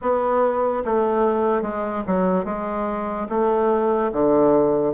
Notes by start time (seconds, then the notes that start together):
0.01 B3
0.84 A3
1.62 G#3
2.06 F#3
2.44 G#3
3.29 A3
4.12 D3